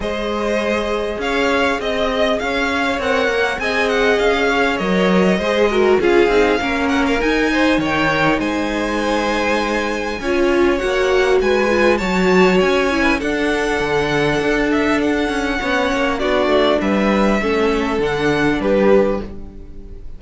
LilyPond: <<
  \new Staff \with { instrumentName = "violin" } { \time 4/4 \tempo 4 = 100 dis''2 f''4 dis''4 | f''4 fis''4 gis''8 fis''8 f''4 | dis''2 f''4. fis''16 f''16 | gis''4 g''4 gis''2~ |
gis''2 fis''4 gis''4 | a''4 gis''4 fis''2~ | fis''8 e''8 fis''2 d''4 | e''2 fis''4 b'4 | }
  \new Staff \with { instrumentName = "violin" } { \time 4/4 c''2 cis''4 dis''4 | cis''2 dis''4. cis''8~ | cis''4 c''8 ais'8 gis'4 ais'4~ | ais'8 c''8 cis''4 c''2~ |
c''4 cis''2 b'4 | cis''4.~ cis''16 b'16 a'2~ | a'2 cis''4 fis'4 | b'4 a'2 g'4 | }
  \new Staff \with { instrumentName = "viola" } { \time 4/4 gis'1~ | gis'4 ais'4 gis'2 | ais'4 gis'8 fis'8 f'8 dis'8 cis'4 | dis'1~ |
dis'4 f'4 fis'4. f'8 | fis'4. e'8 d'2~ | d'2 cis'4 d'4~ | d'4 cis'4 d'2 | }
  \new Staff \with { instrumentName = "cello" } { \time 4/4 gis2 cis'4 c'4 | cis'4 c'8 ais8 c'4 cis'4 | fis4 gis4 cis'8 c'8 ais4 | dis'4 dis4 gis2~ |
gis4 cis'4 ais4 gis4 | fis4 cis'4 d'4 d4 | d'4. cis'8 b8 ais8 b8 a8 | g4 a4 d4 g4 | }
>>